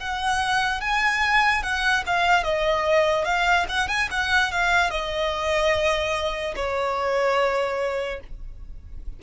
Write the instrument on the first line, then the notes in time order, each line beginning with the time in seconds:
violin
0.00 F#5
0.81 G#5
1.63 F#5
2.06 F5
2.43 D#5
3.25 F5
3.69 F#5
3.88 G#5
4.11 F#5
4.52 F5
4.90 D#5
6.56 C#5